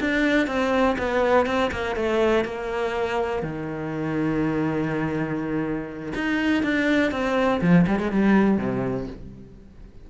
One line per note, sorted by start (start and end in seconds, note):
0.00 0.47 D4
0.47 0.96 C4
0.98 1.46 B3
1.46 1.71 C4
1.71 1.96 A#3
1.96 2.44 A3
2.44 3.42 A#3
3.42 6.13 D#3
6.14 6.63 D#4
6.63 7.11 D4
7.11 7.61 C4
7.61 7.86 F3
7.87 7.99 G3
7.99 8.11 G#3
8.11 8.58 G3
8.58 9.07 C3